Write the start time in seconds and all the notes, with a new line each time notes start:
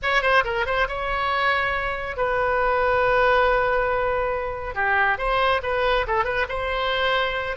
0.02 C#5
0.22 C5
0.44 A#4
0.66 C5
0.88 C#5
2.16 B4
4.74 G4
5.18 C5
5.63 B4
6.07 A4
6.24 B4
6.48 C5